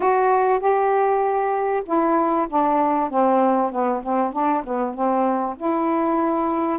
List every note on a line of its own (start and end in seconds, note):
0.00 0.59 F#4
0.59 1.83 G4
1.85 2.47 E4
2.49 3.10 D4
3.10 3.71 C4
3.71 4.02 B3
4.03 4.32 C4
4.32 4.63 D4
4.63 4.93 B3
4.93 5.55 C4
5.56 6.78 E4